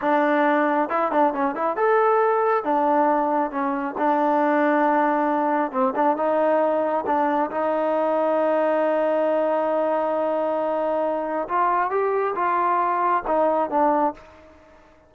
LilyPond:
\new Staff \with { instrumentName = "trombone" } { \time 4/4 \tempo 4 = 136 d'2 e'8 d'8 cis'8 e'8 | a'2 d'2 | cis'4 d'2.~ | d'4 c'8 d'8 dis'2 |
d'4 dis'2.~ | dis'1~ | dis'2 f'4 g'4 | f'2 dis'4 d'4 | }